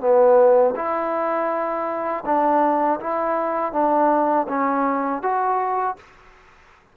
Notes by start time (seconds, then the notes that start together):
0.00 B3
0.76 E4
2.26 D4
3.00 E4
3.72 D4
4.48 C#4
5.22 F#4